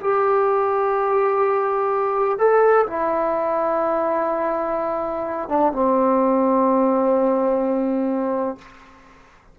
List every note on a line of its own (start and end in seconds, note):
0.00 2.38 G4
2.38 2.86 A4
2.86 5.48 E4
5.48 5.72 D4
5.72 8.58 C4